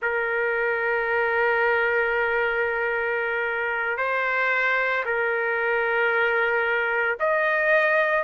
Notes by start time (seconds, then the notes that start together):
0.01 A#4
3.97 C5
5.05 A#4
7.19 D#5